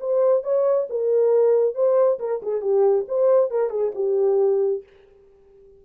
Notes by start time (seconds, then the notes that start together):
0.00 C5
0.43 C#5
0.90 A#4
1.75 C5
2.19 A#4
2.42 G#4
2.61 G4
3.08 C5
3.51 A#4
3.70 G#4
3.95 G4